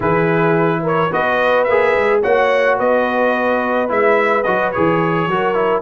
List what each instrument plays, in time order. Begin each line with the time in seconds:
0.00 tuba E3, trombone E4, horn G#4, trumpet B4
0.82 horn A#4, trumpet C#5
1.09 tuba B3, trombone F#4, horn B4, trumpet D#5
1.64 tuba A#3, trombone G#4, trumpet E5
1.95 tuba G#3
2.22 tuba A#3, trombone F#4, horn C#5, trumpet F#5
2.78 tuba B3, horn B4, trumpet D#5
3.88 tuba G#3, trombone E4, trumpet E5
4.43 tuba F#3, trombone F#4, trumpet D#5
4.71 tuba E3, trombone G#4, trumpet C#5
5.26 tuba F#3, trombone F#4, horn A#4
5.54 trombone E4